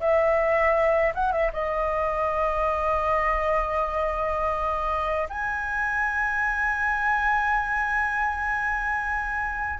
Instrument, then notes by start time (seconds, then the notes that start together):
flute
0.00 E5
1.15 F#5
1.32 E5
1.53 D#5
5.29 G#5